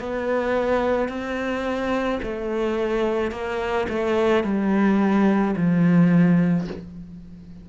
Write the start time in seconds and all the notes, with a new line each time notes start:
0.00 B3
1.09 C4
2.23 A3
3.32 A#3
3.89 A3
4.44 G3
5.57 F3